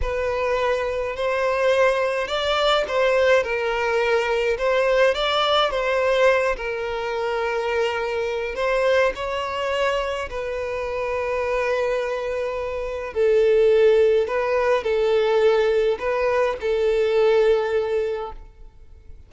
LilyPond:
\new Staff \with { instrumentName = "violin" } { \time 4/4 \tempo 4 = 105 b'2 c''2 | d''4 c''4 ais'2 | c''4 d''4 c''4. ais'8~ | ais'2. c''4 |
cis''2 b'2~ | b'2. a'4~ | a'4 b'4 a'2 | b'4 a'2. | }